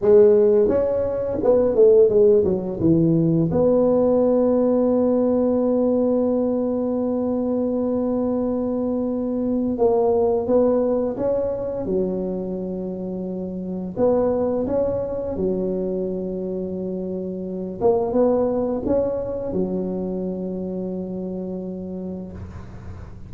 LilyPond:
\new Staff \with { instrumentName = "tuba" } { \time 4/4 \tempo 4 = 86 gis4 cis'4 b8 a8 gis8 fis8 | e4 b2.~ | b1~ | b2 ais4 b4 |
cis'4 fis2. | b4 cis'4 fis2~ | fis4. ais8 b4 cis'4 | fis1 | }